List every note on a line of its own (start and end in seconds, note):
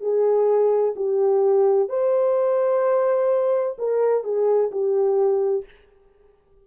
0.00 0.94 G#4
0.95 1.89 G4
1.89 3.76 C5
3.78 4.24 A#4
4.24 4.70 G#4
4.71 5.65 G4